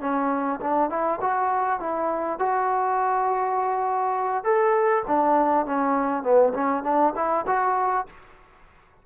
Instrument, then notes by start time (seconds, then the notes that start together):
trombone
0.00 C#4
0.60 D4
0.89 E4
1.20 F#4
1.80 E4
2.39 F#4
4.43 A4
5.07 D4
5.65 C#4
6.23 B3
6.53 C#4
6.83 D4
7.15 E4
7.47 F#4